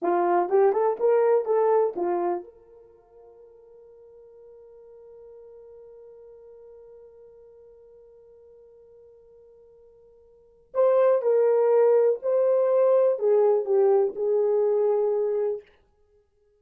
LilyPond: \new Staff \with { instrumentName = "horn" } { \time 4/4 \tempo 4 = 123 f'4 g'8 a'8 ais'4 a'4 | f'4 ais'2.~ | ais'1~ | ais'1~ |
ais'1~ | ais'2 c''4 ais'4~ | ais'4 c''2 gis'4 | g'4 gis'2. | }